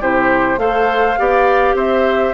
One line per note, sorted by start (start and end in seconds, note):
0.00 0.57 C3
0.00 0.57 E4
0.00 0.59 G4
0.00 0.59 C5
0.57 1.16 A3
0.57 1.16 A4
0.57 1.19 C5
0.57 1.76 F5
1.18 1.74 B3
1.18 2.34 G4
1.18 1.75 D5
1.74 2.33 C4
1.74 2.34 C5
1.74 2.34 E5